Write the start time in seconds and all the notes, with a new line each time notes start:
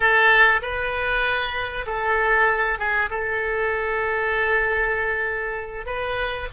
0.00 A4
0.62 B4
1.86 A4
2.78 G#4
3.10 A4
5.86 B4